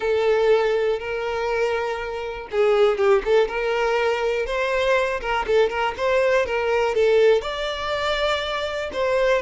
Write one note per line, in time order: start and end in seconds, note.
0.00 0.99 A4
0.99 2.48 A#4
2.51 2.97 G#4
2.97 3.22 G4
3.24 3.48 A4
3.48 4.46 A#4
4.46 5.20 C5
5.21 5.45 A#4
5.47 5.69 A4
5.69 5.94 A#4
5.97 6.46 C5
6.46 6.94 A#4
6.94 7.41 A4
7.41 8.90 D5
8.92 9.41 C5